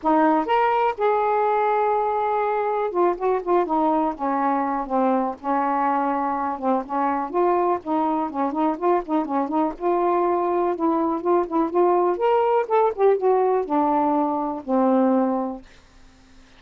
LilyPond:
\new Staff \with { instrumentName = "saxophone" } { \time 4/4 \tempo 4 = 123 dis'4 ais'4 gis'2~ | gis'2 f'8 fis'8 f'8 dis'8~ | dis'8 cis'4. c'4 cis'4~ | cis'4. c'8 cis'4 f'4 |
dis'4 cis'8 dis'8 f'8 dis'8 cis'8 dis'8 | f'2 e'4 f'8 e'8 | f'4 ais'4 a'8 g'8 fis'4 | d'2 c'2 | }